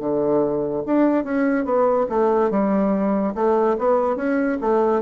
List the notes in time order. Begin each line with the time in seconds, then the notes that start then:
0.00 D3
0.86 D4
1.24 C#4
1.65 B3
2.09 A3
2.51 G3
3.35 A3
3.79 B3
4.17 C#4
4.61 A3